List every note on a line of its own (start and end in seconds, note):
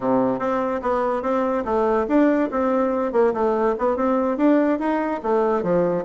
0.00 0.39 C3
0.39 0.80 C4
0.82 1.22 B3
1.22 1.64 C4
1.65 2.06 A3
2.08 2.49 D4
2.51 3.12 C4
3.12 3.33 A#3
3.33 3.75 A3
3.78 3.96 B3
3.96 4.37 C4
4.37 4.79 D4
4.79 5.20 D#4
5.22 5.62 A3
5.62 6.04 F3